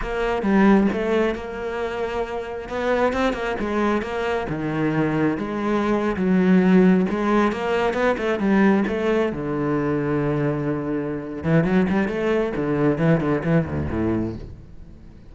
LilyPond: \new Staff \with { instrumentName = "cello" } { \time 4/4 \tempo 4 = 134 ais4 g4 a4 ais4~ | ais2 b4 c'8 ais8 | gis4 ais4 dis2 | gis4.~ gis16 fis2 gis16~ |
gis8. ais4 b8 a8 g4 a16~ | a8. d2.~ d16~ | d4. e8 fis8 g8 a4 | d4 e8 d8 e8 d,8 a,4 | }